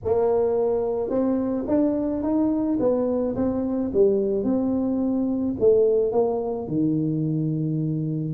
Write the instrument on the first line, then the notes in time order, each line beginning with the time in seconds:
tuba
0.04 A#3
1.09 C4
1.67 D4
2.22 D#4
2.79 B3
3.35 C4
3.93 G3
4.43 C4
5.59 A3
6.12 A#3
6.67 D#3